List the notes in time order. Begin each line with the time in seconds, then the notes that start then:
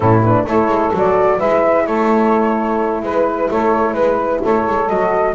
0.00 A2 C#4 E4 A4
0.23 D4 B4
0.46 A3 E4 A4 C#5
0.67 G#3
0.93 F#3 F#4 D5
1.37 G#3 E4 B4 E5
1.86 A3 A4 C#5
3.02 G#3 B4
3.50 A3 A4 C#5
3.93 G#3 B4
4.41 A3 A4 C#5
4.67 G#3
4.88 F#3 F#4 D#5